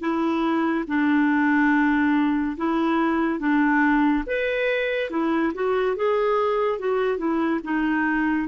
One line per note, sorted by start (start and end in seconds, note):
0.00 0.85 E4
0.88 2.57 D4
2.57 3.40 E4
3.40 4.24 D4
4.27 5.10 B4
5.10 5.52 E4
5.54 5.96 F#4
5.96 6.79 G#4
6.79 7.18 F#4
7.18 7.60 E4
7.64 8.48 D#4